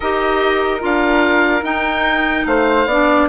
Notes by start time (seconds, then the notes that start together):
0.00 D#4 G4 A#4 D#5
0.80 D4 F4 F5
1.62 D#4 G5
2.46 A3 C5 F5
2.86 B3 D4 D5